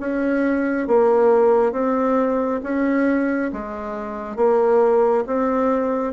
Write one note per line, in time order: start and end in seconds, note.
0.00 0.88 C#4
0.88 1.72 A#3
1.72 2.61 C4
2.64 3.52 C#4
3.53 4.36 G#3
4.36 5.25 A#3
5.27 6.14 C4